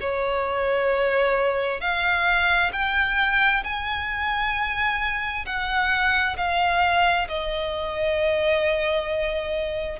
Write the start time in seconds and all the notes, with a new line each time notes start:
0.00 C#5
1.81 F5
2.72 G5
3.64 G#5
5.46 F#5
6.37 F5
7.29 D#5